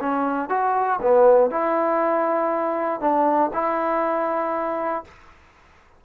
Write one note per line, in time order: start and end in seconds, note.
0.00 0.49 C#4
0.49 0.99 F#4
1.02 1.51 B3
1.51 3.01 E4
3.01 3.51 D4
3.53 5.04 E4